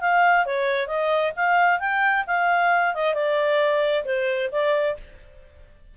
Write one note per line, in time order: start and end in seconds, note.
0.00 0.45 F5
0.45 0.87 C#5
0.87 1.32 D#5
1.36 1.79 F5
1.79 2.24 G5
2.26 2.94 F5
2.94 3.14 D#5
3.14 4.04 D5
4.04 4.49 C5
4.51 4.96 D5